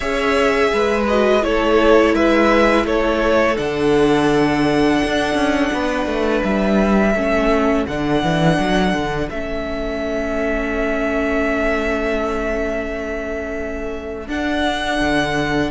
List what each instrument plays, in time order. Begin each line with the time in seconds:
0.00 cello C#4, viola G#4, violin C#5 E5
0.72 cello G#3, violin B4
1.07 viola F#4, violin D#5
1.42 cello A3, viola E4, violin A4 C#5
2.13 cello G#3, violin B4 E5
2.85 cello A3, violin A4 C#5
3.55 cello D3, viola D4, violin F#5
5.04 cello D4
5.34 cello C#4
5.72 cello B3, violin B4
6.06 cello A3
6.43 cello G3, violin E5
7.14 cello A3, viola C#4, violin A4
7.86 cello D3, viola D4, violin F#5
8.22 cello E3
8.59 cello F#3
8.93 cello D3
9.29 cello A3, viola C#4, violin E5
14.27 cello D4, viola D4, violin F#5
15.00 cello D3